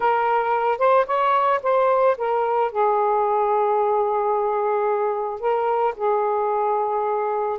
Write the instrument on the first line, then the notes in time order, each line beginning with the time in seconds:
saxophone
0.00 A#4
0.78 C5
1.06 C#5
1.62 C5
2.17 A#4
2.71 G#4
5.40 A#4
5.96 G#4